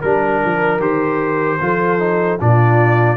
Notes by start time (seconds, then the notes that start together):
0.00 G3 D4 A#4
0.45 F3
0.80 D#3 G4 C5
1.61 F3 F4 A4
1.99 D#4
2.39 A#2 D4 F4 D5